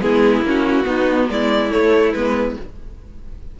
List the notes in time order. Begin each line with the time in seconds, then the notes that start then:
0.00 G#3 B3 E4 G#4
0.41 A#3 C#4
0.48 F#4
0.83 B3 D#4
1.29 G#3 E4 D5
1.70 A3 C#5
2.12 G#3 B3 B4